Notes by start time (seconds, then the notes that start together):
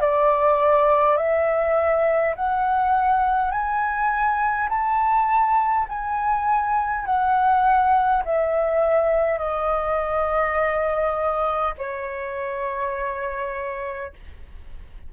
0.00 D5
1.17 E5
2.35 F#5
3.51 G#5
4.69 A5
5.88 G#5
7.05 F#5
8.25 E5
9.38 D#5
11.78 C#5